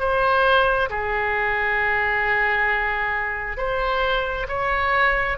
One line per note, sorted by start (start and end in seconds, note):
0.00 0.90 C5
0.90 3.58 G#4
3.58 4.47 C5
4.48 5.38 C#5